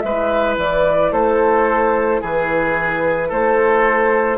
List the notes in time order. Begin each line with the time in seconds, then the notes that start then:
0.00 G#3 E4 B4 E5
0.57 E3 D5
1.12 A3 A4 C5
2.21 E3 G#4 B4
3.28 A3 A4 C5